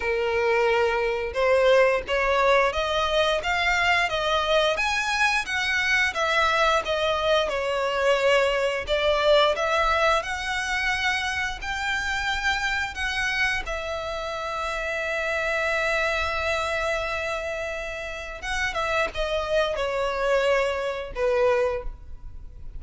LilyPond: \new Staff \with { instrumentName = "violin" } { \time 4/4 \tempo 4 = 88 ais'2 c''4 cis''4 | dis''4 f''4 dis''4 gis''4 | fis''4 e''4 dis''4 cis''4~ | cis''4 d''4 e''4 fis''4~ |
fis''4 g''2 fis''4 | e''1~ | e''2. fis''8 e''8 | dis''4 cis''2 b'4 | }